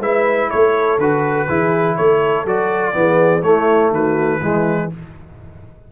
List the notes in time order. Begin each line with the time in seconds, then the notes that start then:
0.00 G#3 E4 B4 E5
0.50 A3 A4 C#5
0.98 D3 F#4 B4
1.47 E3 E4 G#4
1.96 A3 A4 C#5
2.45 F#3 F#4 D5
2.93 E3 B3 G#4
3.42 A3 E4 C#5
3.91 D#3 F#4 B4
4.39 E3 G#3 E4